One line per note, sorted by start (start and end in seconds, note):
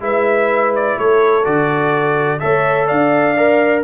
0.00 0.96 G#3
0.00 1.43 E4
0.00 0.97 B4
0.00 0.74 E5
0.75 0.98 D5
0.97 1.45 A3
0.97 2.40 A4
0.97 1.44 C#5
1.43 2.41 D3
1.43 2.39 F#4
1.43 2.39 D5
2.39 2.91 A3
2.39 3.35 A4
2.39 2.86 C#5
2.39 2.87 E5
2.86 3.84 D4
2.86 3.82 D5
2.86 3.82 F5
3.36 3.84 A#4